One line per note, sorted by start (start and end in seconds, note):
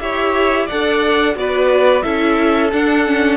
0.00 0.68 E4
0.00 0.68 G4
0.00 0.66 C#5
0.00 0.67 E5
0.66 1.35 D4
0.66 1.35 A4
0.66 1.33 D5
0.66 1.35 F#5
1.35 2.03 B3
1.35 2.02 F#4
1.35 2.03 B4
1.35 2.02 D5
2.02 2.72 C#4
2.02 2.70 E4
2.02 3.36 A4
2.02 2.69 E5
2.72 3.36 D4
2.72 3.06 D4
2.72 3.36 F#5
3.06 3.36 C#4